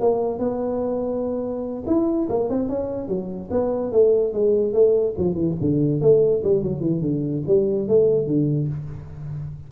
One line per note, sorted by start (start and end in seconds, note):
0.00 0.39 A#3
0.39 1.84 B3
1.87 2.28 E4
2.29 2.50 A#3
2.50 2.69 C4
2.69 3.08 C#4
3.08 3.49 F#3
3.51 3.92 B3
3.92 4.33 A3
4.33 4.74 G#3
4.74 5.15 A3
5.18 5.35 F3
5.35 5.55 E3
5.61 6.02 D3
6.02 6.43 A3
6.44 6.63 G3
6.63 6.81 F#3
6.81 7.01 E3
7.02 7.43 D3
7.47 7.88 G3
7.88 8.27 A3
8.27 8.68 D3